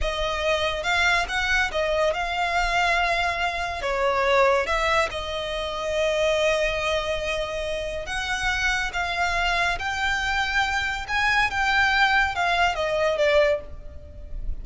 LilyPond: \new Staff \with { instrumentName = "violin" } { \time 4/4 \tempo 4 = 141 dis''2 f''4 fis''4 | dis''4 f''2.~ | f''4 cis''2 e''4 | dis''1~ |
dis''2. fis''4~ | fis''4 f''2 g''4~ | g''2 gis''4 g''4~ | g''4 f''4 dis''4 d''4 | }